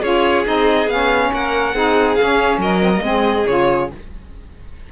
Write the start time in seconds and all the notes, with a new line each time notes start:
0.00 C#4 F4 G#4 C#5
0.44 C4 D#4 D#5
0.86 B3 C#4 F5
1.33 A#3 A#4 F#5
1.74 C4 D#4 G#4
2.15 C#4 F5
2.22 C#4
2.58 F#3 A#4 D#5
2.81 C4
2.96 A#3
3.02 G#3 C4 G#4
3.47 C#3 F4 C#5